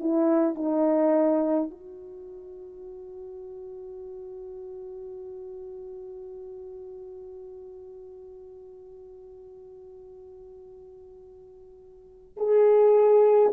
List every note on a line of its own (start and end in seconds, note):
0.00 0.55 E4
0.55 1.70 D#4
1.70 12.37 F#4
12.37 13.53 G#4